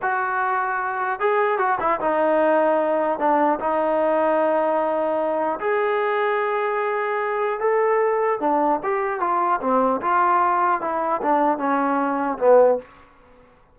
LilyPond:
\new Staff \with { instrumentName = "trombone" } { \time 4/4 \tempo 4 = 150 fis'2. gis'4 | fis'8 e'8 dis'2. | d'4 dis'2.~ | dis'2 gis'2~ |
gis'2. a'4~ | a'4 d'4 g'4 f'4 | c'4 f'2 e'4 | d'4 cis'2 b4 | }